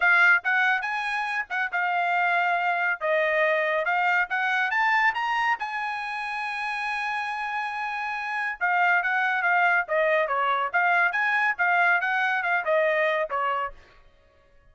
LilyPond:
\new Staff \with { instrumentName = "trumpet" } { \time 4/4 \tempo 4 = 140 f''4 fis''4 gis''4. fis''8 | f''2. dis''4~ | dis''4 f''4 fis''4 a''4 | ais''4 gis''2.~ |
gis''1 | f''4 fis''4 f''4 dis''4 | cis''4 f''4 gis''4 f''4 | fis''4 f''8 dis''4. cis''4 | }